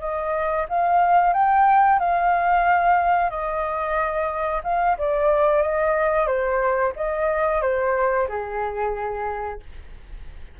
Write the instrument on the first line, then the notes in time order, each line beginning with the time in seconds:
flute
0.00 D#5
0.69 F5
1.33 G5
1.99 F5
3.30 D#5
4.64 F5
4.98 D5
5.62 D#5
6.27 C5
6.96 D#5
7.62 C5
8.28 G#4